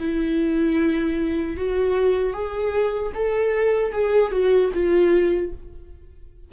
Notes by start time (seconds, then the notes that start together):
0.00 E4
1.57 F#4
2.34 G#4
3.15 A4
3.93 G#4
4.32 F#4
4.74 F4